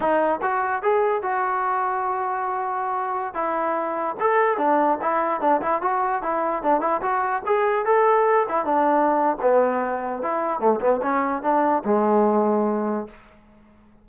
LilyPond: \new Staff \with { instrumentName = "trombone" } { \time 4/4 \tempo 4 = 147 dis'4 fis'4 gis'4 fis'4~ | fis'1~ | fis'16 e'2 a'4 d'8.~ | d'16 e'4 d'8 e'8 fis'4 e'8.~ |
e'16 d'8 e'8 fis'4 gis'4 a'8.~ | a'8. e'8 d'4.~ d'16 b4~ | b4 e'4 a8 b8 cis'4 | d'4 gis2. | }